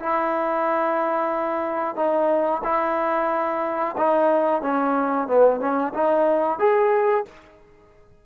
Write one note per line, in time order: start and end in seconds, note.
0.00 1.96 E4
1.96 2.62 D#4
2.64 3.96 E4
3.98 4.62 D#4
4.62 5.28 C#4
5.28 5.60 B3
5.60 5.93 C#4
5.94 6.59 D#4
6.59 7.25 G#4